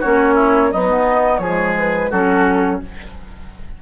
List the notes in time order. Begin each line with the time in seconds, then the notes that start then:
0.00 A#3 C#4 F#4 C#5
0.34 E4
0.72 F#3 B3 D#4 D#5
0.90 B3
1.38 F3 G#4 C#5
1.45 G#3
1.78 B4
2.10 F#3 C#4 F#4 A4